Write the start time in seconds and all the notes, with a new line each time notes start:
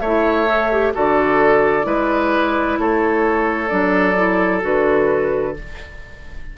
0.00 A3 E4 C#5 E5
0.47 A4
0.72 G4
0.94 D3 F#4 A4 D5
1.83 G#3 E4 B4
2.78 A3 A4 C#5
3.68 F#3 D4 D5
4.16 E4
4.61 D3 F#4 B4